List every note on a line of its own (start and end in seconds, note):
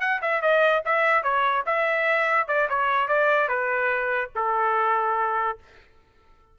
0.00 0.21 F#5
0.21 0.41 E5
0.41 0.83 D#5
0.85 1.23 E5
1.23 1.64 C#5
1.66 2.48 E5
2.48 2.68 D5
2.69 3.08 C#5
3.08 3.48 D5
3.48 4.30 B4
4.35 5.58 A4